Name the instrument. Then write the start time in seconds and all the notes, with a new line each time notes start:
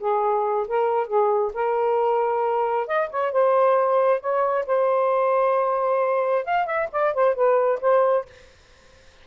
saxophone
0.00 G#4
0.68 A#4
1.07 G#4
1.54 A#4
2.87 D#5
3.10 C#5
3.32 C5
4.20 C#5
4.67 C5
6.45 F5
6.66 E5
6.92 D5
7.14 C5
7.35 B4
7.81 C5